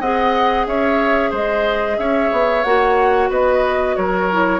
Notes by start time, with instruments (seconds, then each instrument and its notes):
0.00 bassoon C4, clarinet G#4, oboe D#5, flute F#5
0.66 bassoon C#4, oboe C#5, flute E5
1.30 bassoon G#3, oboe C5, flute D#5
1.98 bassoon C#4, oboe C#5, flute E5
2.31 bassoon B3
2.63 bassoon A#3, clarinet F#4, flute F#5
3.30 bassoon B3, oboe B4, flute D#5
3.96 bassoon F#3, oboe A#4, flute C#5
4.31 clarinet E4